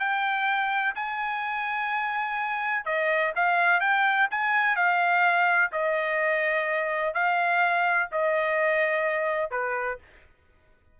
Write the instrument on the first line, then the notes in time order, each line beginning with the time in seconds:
trumpet
0.00 G5
0.95 G#5
2.85 D#5
3.36 F5
3.81 G5
4.31 G#5
4.76 F5
5.72 D#5
7.14 F5
8.12 D#5
9.51 B4